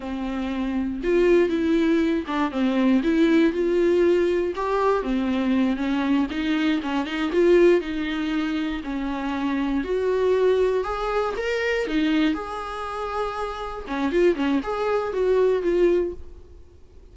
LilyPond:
\new Staff \with { instrumentName = "viola" } { \time 4/4 \tempo 4 = 119 c'2 f'4 e'4~ | e'8 d'8 c'4 e'4 f'4~ | f'4 g'4 c'4. cis'8~ | cis'8 dis'4 cis'8 dis'8 f'4 dis'8~ |
dis'4. cis'2 fis'8~ | fis'4. gis'4 ais'4 dis'8~ | dis'8 gis'2. cis'8 | f'8 cis'8 gis'4 fis'4 f'4 | }